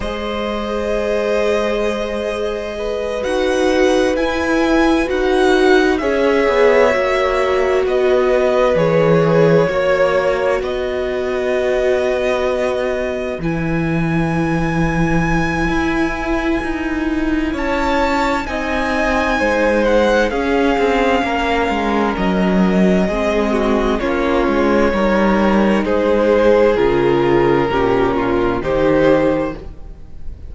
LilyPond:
<<
  \new Staff \with { instrumentName = "violin" } { \time 4/4 \tempo 4 = 65 dis''2.~ dis''8 fis''8~ | fis''8 gis''4 fis''4 e''4.~ | e''8 dis''4 cis''2 dis''8~ | dis''2~ dis''8 gis''4.~ |
gis''2. a''4 | gis''4. fis''8 f''2 | dis''2 cis''2 | c''4 ais'2 c''4 | }
  \new Staff \with { instrumentName = "violin" } { \time 4/4 c''2. b'4~ | b'2~ b'8 cis''4.~ | cis''8 b'2 cis''4 b'8~ | b'1~ |
b'2. cis''4 | dis''4 c''4 gis'4 ais'4~ | ais'4 gis'8 fis'8 f'4 ais'4 | gis'2 g'8 f'8 g'4 | }
  \new Staff \with { instrumentName = "viola" } { \time 4/4 gis'2.~ gis'8 fis'8~ | fis'8 e'4 fis'4 gis'4 fis'8~ | fis'4. gis'4 fis'4.~ | fis'2~ fis'8 e'4.~ |
e'1 | dis'2 cis'2~ | cis'4 c'4 cis'4 dis'4~ | dis'4 f'4 cis'4 dis'4 | }
  \new Staff \with { instrumentName = "cello" } { \time 4/4 gis2.~ gis8 dis'8~ | dis'8 e'4 dis'4 cis'8 b8 ais8~ | ais8 b4 e4 ais4 b8~ | b2~ b8 e4.~ |
e4 e'4 dis'4 cis'4 | c'4 gis4 cis'8 c'8 ais8 gis8 | fis4 gis4 ais8 gis8 g4 | gis4 cis4 ais,4 dis4 | }
>>